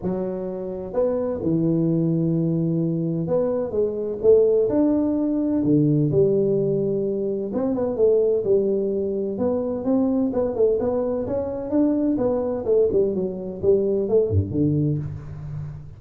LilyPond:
\new Staff \with { instrumentName = "tuba" } { \time 4/4 \tempo 4 = 128 fis2 b4 e4~ | e2. b4 | gis4 a4 d'2 | d4 g2. |
c'8 b8 a4 g2 | b4 c'4 b8 a8 b4 | cis'4 d'4 b4 a8 g8 | fis4 g4 a8 g,8 d4 | }